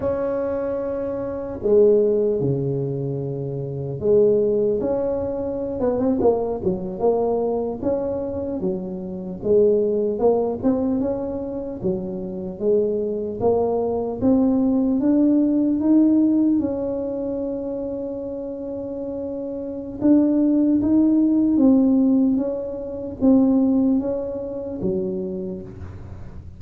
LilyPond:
\new Staff \with { instrumentName = "tuba" } { \time 4/4 \tempo 4 = 75 cis'2 gis4 cis4~ | cis4 gis4 cis'4~ cis'16 b16 c'16 ais16~ | ais16 fis8 ais4 cis'4 fis4 gis16~ | gis8. ais8 c'8 cis'4 fis4 gis16~ |
gis8. ais4 c'4 d'4 dis'16~ | dis'8. cis'2.~ cis'16~ | cis'4 d'4 dis'4 c'4 | cis'4 c'4 cis'4 fis4 | }